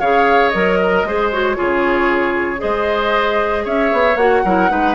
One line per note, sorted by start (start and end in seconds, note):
0.00 0.53 C#3
0.00 0.53 G#4
0.00 0.78 C#5
0.00 0.49 F5
0.49 1.04 F#3
0.49 1.05 A#4
0.49 1.27 D#5
0.82 1.07 A#4
1.04 1.56 G#3
1.04 1.32 G#4
1.04 1.57 C5
1.32 1.56 F#4
1.32 2.61 C#5
1.56 2.63 C#3
1.56 2.57 F4
1.56 2.61 G#4
2.57 3.66 G#3
2.57 4.14 G#4
2.57 3.64 C5
2.57 3.65 D#5
3.64 3.92 C#4
3.64 4.42 C#5
3.64 4.17 E5
3.92 4.15 B3
4.15 4.41 A#3
4.15 4.45 F#4
4.15 4.95 F#5
4.44 4.70 F#3
4.44 4.68 E4
4.44 4.71 A#4
4.68 4.95 G#3
4.68 4.94 D#4
4.68 4.95 B4